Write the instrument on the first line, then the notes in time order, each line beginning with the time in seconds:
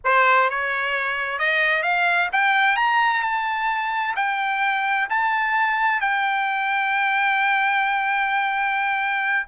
trumpet
0.04 C5
0.50 C#5
1.38 D#5
1.83 F5
2.32 G5
2.76 A#5
3.22 A5
4.16 G5
5.09 A5
6.01 G5